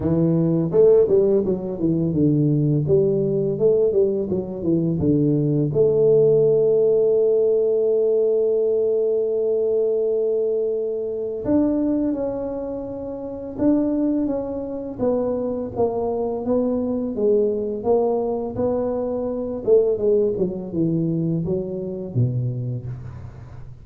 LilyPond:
\new Staff \with { instrumentName = "tuba" } { \time 4/4 \tempo 4 = 84 e4 a8 g8 fis8 e8 d4 | g4 a8 g8 fis8 e8 d4 | a1~ | a1 |
d'4 cis'2 d'4 | cis'4 b4 ais4 b4 | gis4 ais4 b4. a8 | gis8 fis8 e4 fis4 b,4 | }